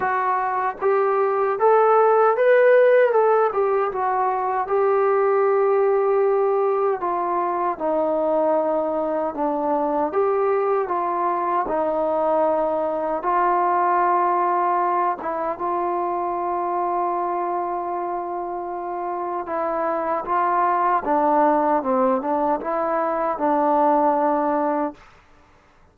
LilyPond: \new Staff \with { instrumentName = "trombone" } { \time 4/4 \tempo 4 = 77 fis'4 g'4 a'4 b'4 | a'8 g'8 fis'4 g'2~ | g'4 f'4 dis'2 | d'4 g'4 f'4 dis'4~ |
dis'4 f'2~ f'8 e'8 | f'1~ | f'4 e'4 f'4 d'4 | c'8 d'8 e'4 d'2 | }